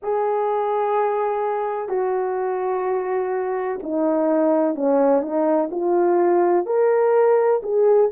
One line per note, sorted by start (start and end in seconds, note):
0.02 1.88 G#4
1.88 3.79 F#4
3.83 4.75 D#4
4.75 5.21 C#4
5.21 5.69 D#4
5.71 6.65 F4
6.65 7.61 A#4
7.62 8.10 G#4